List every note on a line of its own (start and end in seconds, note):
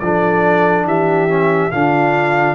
0.00 0.85 F3
0.00 1.29 D4
0.00 0.87 A4
0.00 0.86 D5
0.85 1.70 E3
0.85 1.72 G4
0.85 1.71 E5
1.29 1.72 C#4
1.71 2.55 D3
1.71 2.55 D4
1.71 2.55 F4
1.71 2.55 F5